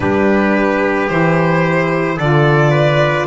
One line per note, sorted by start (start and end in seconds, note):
0.00 1.07 G3
0.00 1.08 D4
0.00 2.16 G4
0.00 1.09 B4
1.09 2.18 E3
1.09 2.19 E4
1.09 2.18 C5
2.16 3.26 D3
2.16 3.26 F4
2.16 2.70 A4
2.16 3.26 D5
2.70 3.25 B4